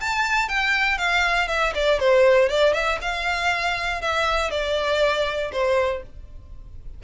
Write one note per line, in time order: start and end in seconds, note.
0.00 0.48 A5
0.48 0.98 G5
0.98 1.48 F5
1.48 1.73 E5
1.75 1.99 D5
1.99 2.49 C5
2.49 2.73 D5
2.73 2.99 E5
3.01 4.01 F5
4.01 4.51 E5
4.51 5.51 D5
5.52 6.03 C5